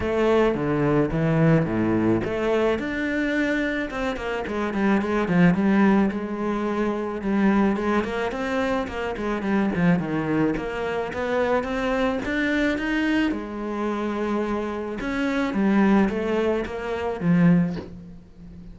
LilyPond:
\new Staff \with { instrumentName = "cello" } { \time 4/4 \tempo 4 = 108 a4 d4 e4 a,4 | a4 d'2 c'8 ais8 | gis8 g8 gis8 f8 g4 gis4~ | gis4 g4 gis8 ais8 c'4 |
ais8 gis8 g8 f8 dis4 ais4 | b4 c'4 d'4 dis'4 | gis2. cis'4 | g4 a4 ais4 f4 | }